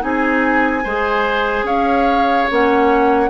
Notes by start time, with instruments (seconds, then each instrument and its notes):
0.00 bassoon C4, clarinet D#4, oboe G#4, flute G#5
0.84 bassoon G#3, clarinet G#4, oboe C5
1.64 bassoon C#4, oboe C#5, flute F5
2.51 bassoon A#3, clarinet C#4, flute F#5